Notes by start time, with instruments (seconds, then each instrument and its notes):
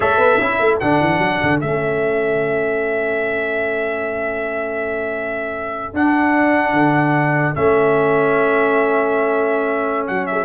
0.00 tuba A3, trombone A4, horn C#5, trumpet E5
0.17 tuba B3, horn B4
0.37 tuba C#4, trombone E4, horn A4
0.59 tuba A3
0.79 tuba D3, trombone D4, trumpet F#5
1.00 tuba E3
1.18 tuba F#3
1.42 tuba D3
1.60 tuba A3, trombone C#4, trumpet E5
5.93 tuba D4, trombone D4, trumpet F#5
6.72 tuba D3
7.55 tuba A3, trombone C#4, trumpet E5
10.07 tuba F#3, trumpet F#5
10.26 horn G#4, trumpet E5